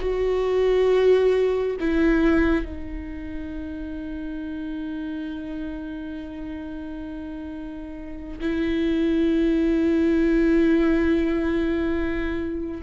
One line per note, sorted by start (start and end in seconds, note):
0.00 1.76 F#4
1.80 2.66 E4
2.66 8.39 D#4
8.41 12.82 E4